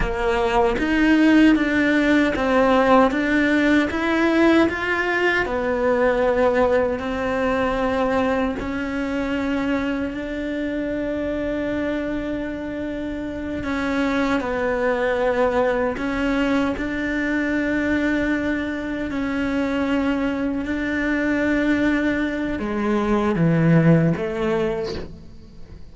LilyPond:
\new Staff \with { instrumentName = "cello" } { \time 4/4 \tempo 4 = 77 ais4 dis'4 d'4 c'4 | d'4 e'4 f'4 b4~ | b4 c'2 cis'4~ | cis'4 d'2.~ |
d'4. cis'4 b4.~ | b8 cis'4 d'2~ d'8~ | d'8 cis'2 d'4.~ | d'4 gis4 e4 a4 | }